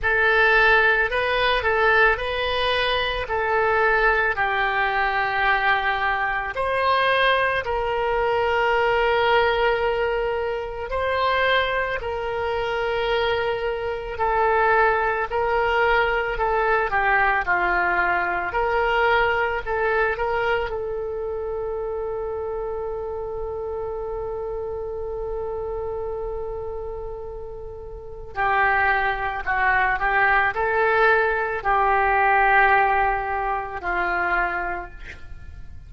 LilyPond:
\new Staff \with { instrumentName = "oboe" } { \time 4/4 \tempo 4 = 55 a'4 b'8 a'8 b'4 a'4 | g'2 c''4 ais'4~ | ais'2 c''4 ais'4~ | ais'4 a'4 ais'4 a'8 g'8 |
f'4 ais'4 a'8 ais'8 a'4~ | a'1~ | a'2 g'4 fis'8 g'8 | a'4 g'2 f'4 | }